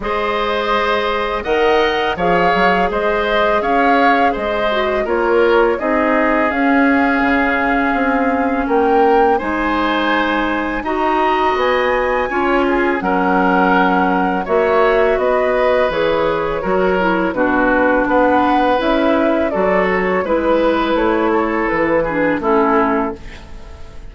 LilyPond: <<
  \new Staff \with { instrumentName = "flute" } { \time 4/4 \tempo 4 = 83 dis''2 fis''4 f''4 | dis''4 f''4 dis''4 cis''4 | dis''4 f''2. | g''4 gis''2 ais''4 |
gis''2 fis''2 | e''4 dis''4 cis''2 | b'4 fis''4 e''4 d''8 cis''8 | b'4 cis''4 b'4 a'4 | }
  \new Staff \with { instrumentName = "oboe" } { \time 4/4 c''2 dis''4 cis''4 | c''4 cis''4 c''4 ais'4 | gis'1 | ais'4 c''2 dis''4~ |
dis''4 cis''8 gis'8 ais'2 | cis''4 b'2 ais'4 | fis'4 b'2 a'4 | b'4. a'4 gis'8 e'4 | }
  \new Staff \with { instrumentName = "clarinet" } { \time 4/4 gis'2 ais'4 gis'4~ | gis'2~ gis'8 fis'8 f'4 | dis'4 cis'2.~ | cis'4 dis'2 fis'4~ |
fis'4 f'4 cis'2 | fis'2 gis'4 fis'8 e'8 | d'2 e'4 fis'4 | e'2~ e'8 d'8 cis'4 | }
  \new Staff \with { instrumentName = "bassoon" } { \time 4/4 gis2 dis4 f8 fis8 | gis4 cis'4 gis4 ais4 | c'4 cis'4 cis4 c'4 | ais4 gis2 dis'4 |
b4 cis'4 fis2 | ais4 b4 e4 fis4 | b,4 b4 cis'4 fis4 | gis4 a4 e4 a4 | }
>>